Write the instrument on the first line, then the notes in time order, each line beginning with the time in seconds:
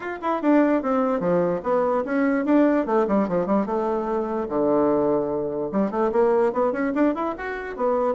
bassoon
0.00 F4
0.21 E4
0.42 D4
0.82 C4
1.20 F3
1.63 B3
2.05 C#4
2.45 D4
2.86 A3
3.07 G3
3.28 F3
3.46 G3
3.66 A3
4.48 D3
5.72 G3
5.91 A3
6.12 A#3
6.53 B3
6.72 C#4
6.94 D4
7.14 E4
7.37 F#4
7.76 B3